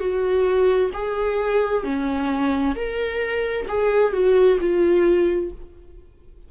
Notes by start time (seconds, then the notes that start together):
0.00 F#4
0.94 G#4
1.84 C#4
2.76 A#4
3.69 G#4
4.13 F#4
4.60 F4